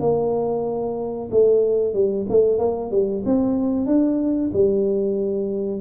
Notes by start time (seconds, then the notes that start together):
0.00 A#3
1.31 A3
1.94 G3
2.29 A3
2.59 A#3
2.91 G3
3.25 C4
3.86 D4
4.53 G3